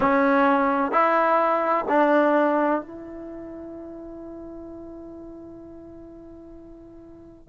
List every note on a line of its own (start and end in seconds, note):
0.00 0.91 C#4
0.91 1.85 E4
1.88 2.81 D4
2.81 7.49 E4